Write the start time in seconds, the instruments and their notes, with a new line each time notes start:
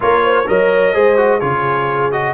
0.00 tuba A#3, trombone F4, horn A#4, trumpet C#5
0.23 horn C5
0.46 tuba F#3, trombone A#4, horn C#5, trumpet D#5
0.94 tuba G#3, trombone G#4, horn C5
1.16 trombone F#4
1.39 tuba C#3, trombone F4, horn G#4, trumpet C#5
2.11 trombone F#4, trumpet D#5